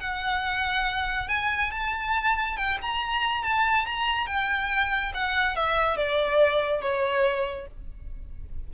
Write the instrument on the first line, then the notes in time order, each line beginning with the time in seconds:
violin
0.00 F#5
1.28 G#5
1.71 A5
2.57 G5
2.82 A#5
3.43 A5
3.86 A#5
4.26 G5
5.14 F#5
5.56 E5
5.97 D5
6.81 C#5